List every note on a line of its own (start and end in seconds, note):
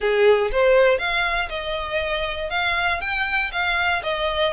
0.00 0.51 G#4
0.51 0.98 C5
0.98 1.49 F5
1.49 2.50 D#5
2.50 3.00 F5
3.00 3.51 G5
3.52 4.02 F5
4.03 4.53 D#5